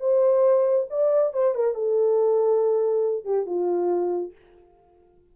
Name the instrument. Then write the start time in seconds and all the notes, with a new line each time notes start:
horn
0.00 C5
0.90 D5
1.33 C5
1.55 A#4
1.74 A4
3.25 G4
3.46 F4